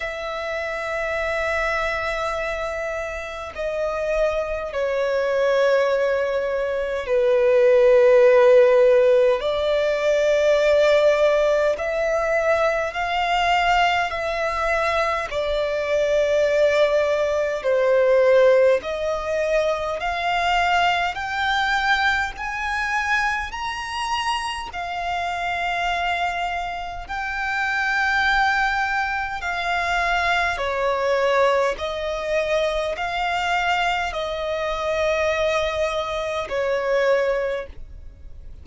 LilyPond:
\new Staff \with { instrumentName = "violin" } { \time 4/4 \tempo 4 = 51 e''2. dis''4 | cis''2 b'2 | d''2 e''4 f''4 | e''4 d''2 c''4 |
dis''4 f''4 g''4 gis''4 | ais''4 f''2 g''4~ | g''4 f''4 cis''4 dis''4 | f''4 dis''2 cis''4 | }